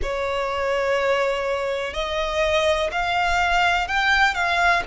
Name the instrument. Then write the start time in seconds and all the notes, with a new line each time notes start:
violin
0.02 C#5
1.94 D#5
2.91 F5
3.87 G5
4.34 F5